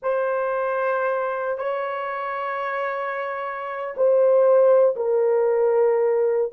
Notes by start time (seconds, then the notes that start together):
0.02 C5
1.58 C#5
3.96 C5
4.96 A#4